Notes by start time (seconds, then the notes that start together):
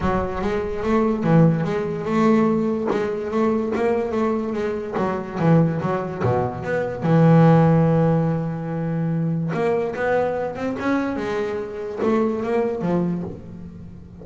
0.01 F#3
0.41 G#3
0.83 A3
1.23 E3
1.63 G#3
2.05 A3
2.90 G#3
3.31 A3
3.75 A#3
4.11 A3
4.53 G#3
4.97 F#3
5.39 E3
5.81 F#3
6.23 B2
6.64 B3
7.03 E3
9.53 A#3
9.95 B3
10.55 C4
10.79 C#4
11.16 G#3
12.02 A3
12.43 A#3
12.81 F3